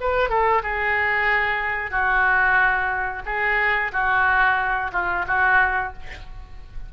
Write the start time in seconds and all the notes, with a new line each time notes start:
0.00 B4
0.29 A4
0.63 G#4
1.91 F#4
3.25 G#4
3.92 F#4
4.92 F4
5.27 F#4